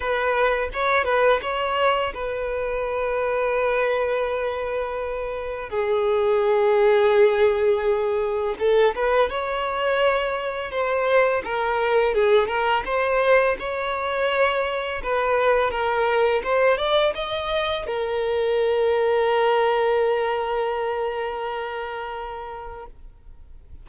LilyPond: \new Staff \with { instrumentName = "violin" } { \time 4/4 \tempo 4 = 84 b'4 cis''8 b'8 cis''4 b'4~ | b'1 | gis'1 | a'8 b'8 cis''2 c''4 |
ais'4 gis'8 ais'8 c''4 cis''4~ | cis''4 b'4 ais'4 c''8 d''8 | dis''4 ais'2.~ | ais'1 | }